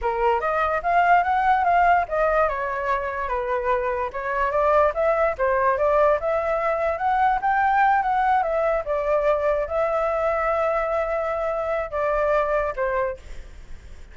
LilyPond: \new Staff \with { instrumentName = "flute" } { \time 4/4 \tempo 4 = 146 ais'4 dis''4 f''4 fis''4 | f''4 dis''4 cis''2 | b'2 cis''4 d''4 | e''4 c''4 d''4 e''4~ |
e''4 fis''4 g''4. fis''8~ | fis''8 e''4 d''2 e''8~ | e''1~ | e''4 d''2 c''4 | }